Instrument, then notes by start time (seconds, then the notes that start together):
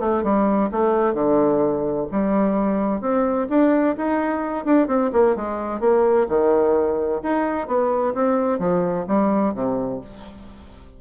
bassoon
0.00 A3
0.23 G3
0.71 A3
1.14 D3
2.11 G3
3.01 C4
3.49 D4
3.97 D#4
4.65 D4
4.87 C4
5.13 A#3
5.36 G#3
5.80 A#3
6.29 D#3
7.23 D#4
7.67 B3
8.14 C4
8.59 F3
9.08 G3
9.54 C3